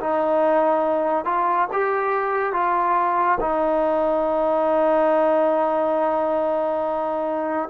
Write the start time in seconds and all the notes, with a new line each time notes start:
0.00 D#4
1.25 F4
1.73 G4
2.52 F4
3.41 D#4